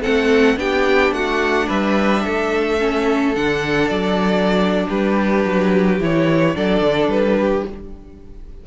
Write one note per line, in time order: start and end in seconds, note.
0.00 0.56 C4
0.00 0.56 A4
0.00 0.58 F#5
0.07 0.56 A3
0.56 1.12 B3
0.56 2.79 D4
0.56 1.15 G4
0.56 1.13 G5
1.12 1.67 A3
1.12 1.67 F#4
1.12 1.69 F#5
1.67 2.25 G3
1.67 2.22 B4
1.67 3.35 E5
2.23 3.36 A3
2.23 4.87 A4
2.79 3.34 C#4
3.35 3.89 D3
3.35 5.99 D4
3.35 3.89 F#5
3.89 4.87 F#3
3.89 4.86 D5
4.87 5.44 G3
4.87 6.54 G4
4.87 6.00 B4
5.44 6.00 F#3
6.00 6.56 E3
6.00 6.55 E4
6.00 6.56 C#5
6.55 6.81 F#3
6.55 7.66 D4
6.55 7.39 A4
6.55 7.10 D5
6.81 7.07 D3
7.07 7.62 G3
7.07 7.65 B4
7.39 7.67 G4